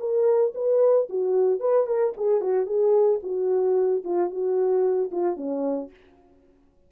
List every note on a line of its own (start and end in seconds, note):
0.00 0.54 A#4
0.55 1.09 B4
1.10 1.60 F#4
1.60 1.87 B4
1.87 2.14 A#4
2.17 2.41 G#4
2.41 2.67 F#4
2.67 3.20 G#4
3.23 4.03 F#4
4.04 4.31 F4
4.31 5.11 F#4
5.12 5.37 F4
5.37 5.90 C#4